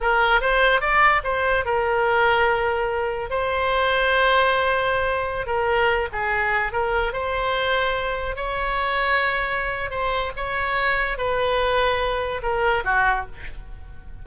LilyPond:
\new Staff \with { instrumentName = "oboe" } { \time 4/4 \tempo 4 = 145 ais'4 c''4 d''4 c''4 | ais'1 | c''1~ | c''4~ c''16 ais'4. gis'4~ gis'16~ |
gis'16 ais'4 c''2~ c''8.~ | c''16 cis''2.~ cis''8. | c''4 cis''2 b'4~ | b'2 ais'4 fis'4 | }